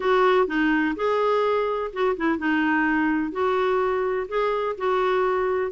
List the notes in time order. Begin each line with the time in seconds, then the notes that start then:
0.00 F#4
0.47 D#4
0.96 G#4
1.92 F#4
2.16 E4
2.38 D#4
3.32 F#4
4.28 G#4
4.77 F#4